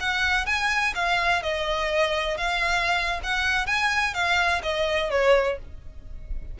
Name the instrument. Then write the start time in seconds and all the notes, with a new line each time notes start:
violin
0.00 F#5
0.46 G#5
0.95 F5
1.43 D#5
2.37 F5
3.23 F#5
3.66 G#5
4.14 F5
4.63 D#5
5.11 C#5